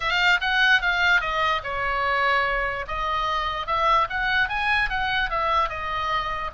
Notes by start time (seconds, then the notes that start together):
0.00 F5
0.40 F#5
0.81 F5
1.20 D#5
1.63 C#5
2.87 D#5
3.66 E5
4.09 F#5
4.49 G#5
4.89 F#5
5.29 E5
5.69 D#5